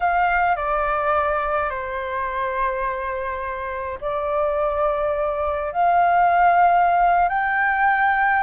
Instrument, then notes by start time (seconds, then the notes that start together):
flute
0.00 F5
0.56 D5
1.70 C5
4.01 D5
5.72 F5
7.29 G5